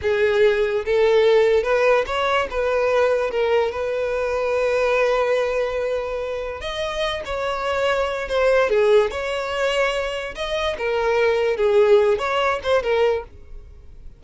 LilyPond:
\new Staff \with { instrumentName = "violin" } { \time 4/4 \tempo 4 = 145 gis'2 a'2 | b'4 cis''4 b'2 | ais'4 b'2.~ | b'1 |
dis''4. cis''2~ cis''8 | c''4 gis'4 cis''2~ | cis''4 dis''4 ais'2 | gis'4. cis''4 c''8 ais'4 | }